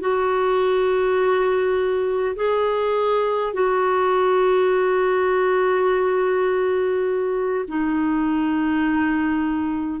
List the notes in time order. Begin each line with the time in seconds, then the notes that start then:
0.00 F#4
2.35 G#4
3.53 F#4
7.67 D#4